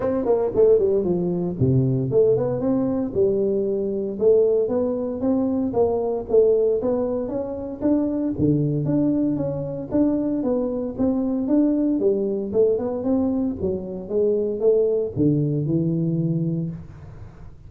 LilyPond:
\new Staff \with { instrumentName = "tuba" } { \time 4/4 \tempo 4 = 115 c'8 ais8 a8 g8 f4 c4 | a8 b8 c'4 g2 | a4 b4 c'4 ais4 | a4 b4 cis'4 d'4 |
d4 d'4 cis'4 d'4 | b4 c'4 d'4 g4 | a8 b8 c'4 fis4 gis4 | a4 d4 e2 | }